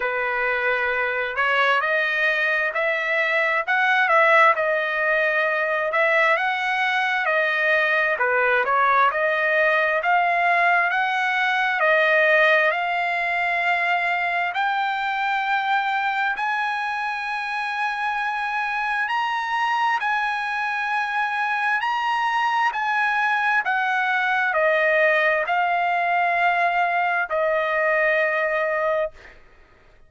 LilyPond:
\new Staff \with { instrumentName = "trumpet" } { \time 4/4 \tempo 4 = 66 b'4. cis''8 dis''4 e''4 | fis''8 e''8 dis''4. e''8 fis''4 | dis''4 b'8 cis''8 dis''4 f''4 | fis''4 dis''4 f''2 |
g''2 gis''2~ | gis''4 ais''4 gis''2 | ais''4 gis''4 fis''4 dis''4 | f''2 dis''2 | }